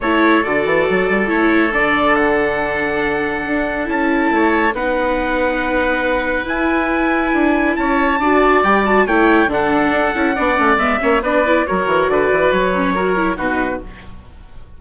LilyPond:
<<
  \new Staff \with { instrumentName = "trumpet" } { \time 4/4 \tempo 4 = 139 cis''4 d''2 cis''4 | d''4 fis''2.~ | fis''4 a''2 fis''4~ | fis''2. gis''4~ |
gis''2 a''2 | g''8 a''8 g''4 fis''2~ | fis''4 e''4 d''4 cis''4 | d''4 cis''2 b'4 | }
  \new Staff \with { instrumentName = "oboe" } { \time 4/4 a'1~ | a'1~ | a'2 cis''4 b'4~ | b'1~ |
b'2 cis''4 d''4~ | d''4 cis''4 a'2 | d''4. cis''8 b'4 ais'4 | b'2 ais'4 fis'4 | }
  \new Staff \with { instrumentName = "viola" } { \time 4/4 e'4 fis'2 e'4 | d'1~ | d'4 e'2 dis'4~ | dis'2. e'4~ |
e'2. fis'4 | g'8 fis'8 e'4 d'4. e'8 | d'8 cis'8 b8 cis'8 d'8 e'8 fis'4~ | fis'4. cis'8 fis'8 e'8 dis'4 | }
  \new Staff \with { instrumentName = "bassoon" } { \time 4/4 a4 d8 e8 fis8 g8 a4 | d1 | d'4 cis'4 a4 b4~ | b2. e'4~ |
e'4 d'4 cis'4 d'4 | g4 a4 d4 d'8 cis'8 | b8 a8 gis8 ais8 b4 fis8 e8 | d8 e8 fis2 b,4 | }
>>